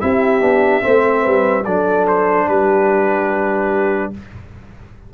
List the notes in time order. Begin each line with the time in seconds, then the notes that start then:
0.00 C4 E4 G4 E5
0.41 B3 D4
0.81 A3 C4 C5
1.23 G3 B4
1.65 F#3 D4 A4 D5
2.07 C5
2.48 G3 G4 B4